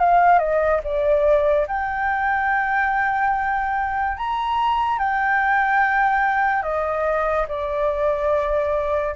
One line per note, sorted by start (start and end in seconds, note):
0.00 0.39 F5
0.39 0.81 D#5
0.84 1.67 D5
1.68 4.18 G5
4.18 4.99 A#5
4.99 6.63 G5
6.63 7.46 D#5
7.49 9.16 D5